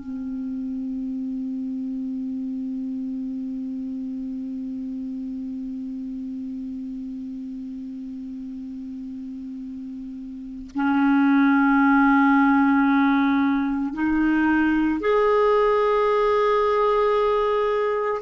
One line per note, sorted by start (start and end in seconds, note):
0.00 10.71 C4
10.75 13.94 C#4
13.94 15.00 D#4
15.00 18.22 G#4